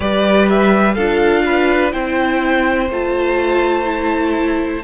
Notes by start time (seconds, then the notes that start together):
0.00 G3 G4 B4 D5
0.48 E5
0.94 D4 F4 A4 F5
1.45 B4
1.92 C4 E4 C5 G5
2.89 A3 F4 A5
3.85 E4